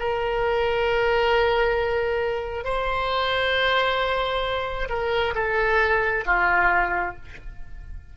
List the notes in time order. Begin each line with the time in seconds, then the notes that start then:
0.00 A#4
2.65 C5
4.89 A#4
5.35 A4
6.26 F4